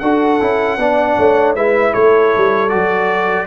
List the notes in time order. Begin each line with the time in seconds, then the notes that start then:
0.00 D4 F#4 A4 F#5
0.41 C#4 E4
0.78 B3 D4 D5
1.18 A3 C#5
1.56 G#3 E4 B4 E5
1.93 A3 A4 C#5
2.37 G3
2.70 F#3 F#4 D5